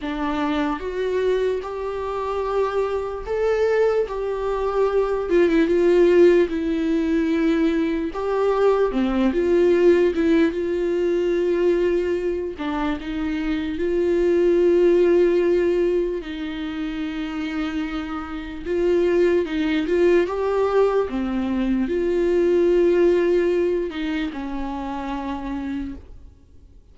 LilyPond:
\new Staff \with { instrumentName = "viola" } { \time 4/4 \tempo 4 = 74 d'4 fis'4 g'2 | a'4 g'4. f'16 e'16 f'4 | e'2 g'4 c'8 f'8~ | f'8 e'8 f'2~ f'8 d'8 |
dis'4 f'2. | dis'2. f'4 | dis'8 f'8 g'4 c'4 f'4~ | f'4. dis'8 cis'2 | }